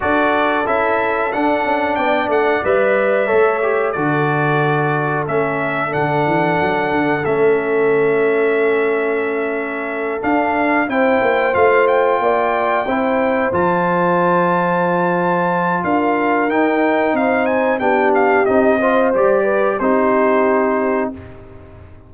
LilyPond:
<<
  \new Staff \with { instrumentName = "trumpet" } { \time 4/4 \tempo 4 = 91 d''4 e''4 fis''4 g''8 fis''8 | e''2 d''2 | e''4 fis''2 e''4~ | e''2.~ e''8 f''8~ |
f''8 g''4 f''8 g''2~ | g''8 a''2.~ a''8 | f''4 g''4 f''8 gis''8 g''8 f''8 | dis''4 d''4 c''2 | }
  \new Staff \with { instrumentName = "horn" } { \time 4/4 a'2. d''4~ | d''4 cis''4 a'2~ | a'1~ | a'1~ |
a'8 c''2 d''4 c''8~ | c''1 | ais'2 c''4 g'4~ | g'8 c''4 b'8 g'2 | }
  \new Staff \with { instrumentName = "trombone" } { \time 4/4 fis'4 e'4 d'2 | b'4 a'8 g'8 fis'2 | cis'4 d'2 cis'4~ | cis'2.~ cis'8 d'8~ |
d'8 e'4 f'2 e'8~ | e'8 f'2.~ f'8~ | f'4 dis'2 d'4 | dis'8 f'8 g'4 dis'2 | }
  \new Staff \with { instrumentName = "tuba" } { \time 4/4 d'4 cis'4 d'8 cis'8 b8 a8 | g4 a4 d2 | a4 d8 e8 fis8 d8 a4~ | a2.~ a8 d'8~ |
d'8 c'8 ais8 a4 ais4 c'8~ | c'8 f2.~ f8 | d'4 dis'4 c'4 b4 | c'4 g4 c'2 | }
>>